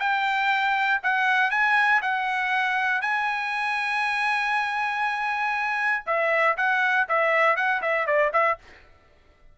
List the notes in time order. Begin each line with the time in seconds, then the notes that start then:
0.00 G5
1.03 F#5
1.51 G#5
2.02 F#5
3.02 G#5
6.06 E5
6.57 F#5
7.09 E5
7.56 F#5
7.82 E5
8.06 D5
8.33 E5